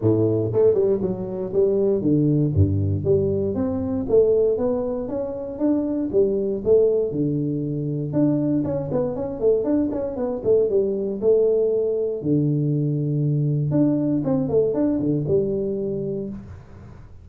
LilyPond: \new Staff \with { instrumentName = "tuba" } { \time 4/4 \tempo 4 = 118 a,4 a8 g8 fis4 g4 | d4 g,4 g4 c'4 | a4 b4 cis'4 d'4 | g4 a4 d2 |
d'4 cis'8 b8 cis'8 a8 d'8 cis'8 | b8 a8 g4 a2 | d2. d'4 | c'8 a8 d'8 d8 g2 | }